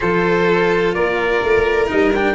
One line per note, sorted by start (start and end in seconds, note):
0.00 0.95 F3
0.00 1.87 F4
0.00 0.94 A4
0.00 0.94 C5
0.94 1.42 A#3
0.94 2.34 A#4
0.94 1.88 D5
1.43 1.90 A3
1.87 2.34 G3
1.87 2.11 D#4
1.87 2.14 D#5
2.14 2.34 D4
2.14 2.34 G5